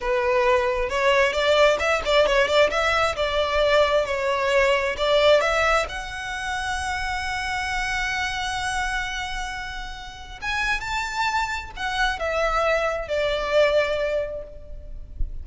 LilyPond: \new Staff \with { instrumentName = "violin" } { \time 4/4 \tempo 4 = 133 b'2 cis''4 d''4 | e''8 d''8 cis''8 d''8 e''4 d''4~ | d''4 cis''2 d''4 | e''4 fis''2.~ |
fis''1~ | fis''2. gis''4 | a''2 fis''4 e''4~ | e''4 d''2. | }